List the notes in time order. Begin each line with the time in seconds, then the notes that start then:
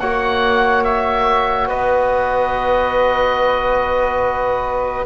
0.00 A#3 F#4 C#5 F#5
0.84 E5
1.68 B3 B4 D#5